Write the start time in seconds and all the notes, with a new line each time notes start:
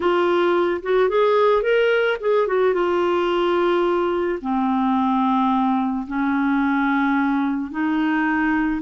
0.00 F4
0.82 F#4
1.09 G#4
1.62 A#4
2.20 G#4
2.47 F#4
2.74 F4
4.41 C4
6.07 C#4
7.71 D#4